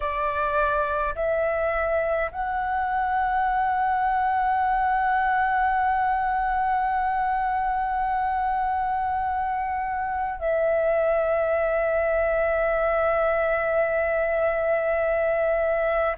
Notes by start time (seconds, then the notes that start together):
0.00 D5
1.15 E5
2.31 F#5
10.38 E5